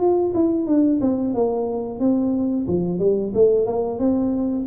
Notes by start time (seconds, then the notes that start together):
0.00 F4
0.35 E4
0.67 D4
1.02 C4
1.35 A#3
2.00 C4
2.68 F3
3.00 G3
3.35 A3
3.67 A#3
4.00 C4